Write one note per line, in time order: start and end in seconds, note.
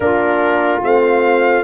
0.00 0.81 A#3
0.00 0.81 D4
0.00 1.64 F4
0.00 0.82 A#4
0.82 1.64 A3
0.82 1.64 C4
0.82 1.64 F5